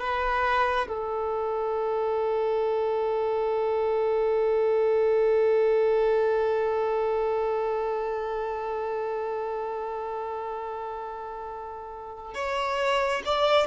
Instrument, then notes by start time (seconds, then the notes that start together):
violin
0.00 B4
0.88 A4
12.34 C#5
13.26 D5